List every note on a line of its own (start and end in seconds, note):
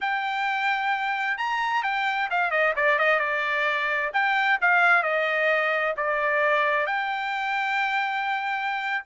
0.00 1.37 G5
1.37 1.83 A#5
1.83 2.29 G5
2.30 2.50 F5
2.50 2.73 D#5
2.76 2.99 D5
2.99 3.19 D#5
3.19 4.11 D5
4.13 4.58 G5
4.61 5.02 F5
5.02 5.94 D#5
5.96 6.86 D5
6.86 9.04 G5